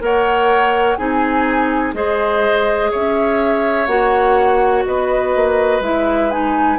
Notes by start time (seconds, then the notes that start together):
0.00 A#3 A#4 C#5 F#5
0.96 C4 D#4 G#4 G#5
1.94 G#3 G#4 C5 D#5
2.91 C#4 C#5 E5
3.86 A#3 F#4 F#5
4.85 B3 B4 D#5
5.35 A#3
5.80 G#3 E4 E5
6.30 D#4 G#5